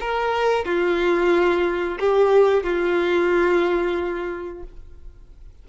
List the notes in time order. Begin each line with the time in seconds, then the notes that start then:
0.00 A#4
0.65 F4
1.99 G4
2.63 F4